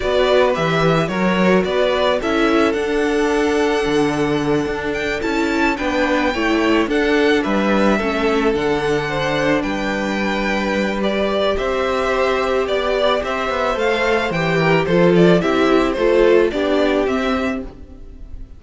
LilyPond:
<<
  \new Staff \with { instrumentName = "violin" } { \time 4/4 \tempo 4 = 109 d''4 e''4 cis''4 d''4 | e''4 fis''2.~ | fis''4 g''8 a''4 g''4.~ | g''8 fis''4 e''2 fis''8~ |
fis''4. g''2~ g''8 | d''4 e''2 d''4 | e''4 f''4 g''4 c''8 d''8 | e''4 c''4 d''4 e''4 | }
  \new Staff \with { instrumentName = "violin" } { \time 4/4 b'2 ais'4 b'4 | a'1~ | a'2~ a'8 b'4 cis''8~ | cis''8 a'4 b'4 a'4.~ |
a'8 c''4 b'2~ b'8~ | b'4 c''2 d''4 | c''2~ c''8 ais'8 a'4 | g'4 a'4 g'2 | }
  \new Staff \with { instrumentName = "viola" } { \time 4/4 fis'4 g'4 fis'2 | e'4 d'2.~ | d'4. e'4 d'4 e'8~ | e'8 d'2 cis'4 d'8~ |
d'1 | g'1~ | g'4 a'4 g'4 f'4 | e'4 f'4 d'4 c'4 | }
  \new Staff \with { instrumentName = "cello" } { \time 4/4 b4 e4 fis4 b4 | cis'4 d'2 d4~ | d8 d'4 cis'4 b4 a8~ | a8 d'4 g4 a4 d8~ |
d4. g2~ g8~ | g4 c'2 b4 | c'8 b8 a4 e4 f4 | c'4 a4 b4 c'4 | }
>>